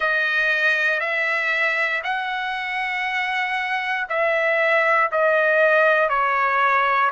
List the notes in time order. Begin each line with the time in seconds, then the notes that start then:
0.00 D#5
1.00 E5
2.03 F#5
4.09 E5
5.11 D#5
6.09 C#5